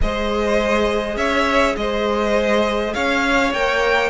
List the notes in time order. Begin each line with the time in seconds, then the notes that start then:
0.01 G#3 G#4 C5 D#5
1.16 C#4 C#5 E5
1.76 G#3 C5 D#5
2.93 C#4 C#5 F5
3.52 A#3 A#4 G5